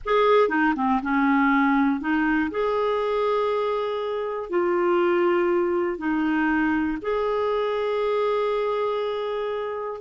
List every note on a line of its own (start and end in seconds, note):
0.05 0.48 G#4
0.48 0.73 D#4
0.75 1.00 C4
1.02 2.00 C#4
2.00 2.50 D#4
2.50 4.49 G#4
4.49 5.98 F4
5.98 6.98 D#4
7.01 10.00 G#4